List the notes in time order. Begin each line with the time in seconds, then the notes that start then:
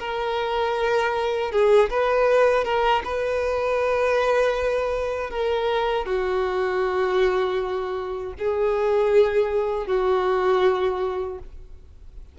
0.00 A#4
1.52 G#4
1.91 B4
2.65 A#4
3.05 B4
5.31 A#4
6.06 F#4
8.39 G#4
9.87 F#4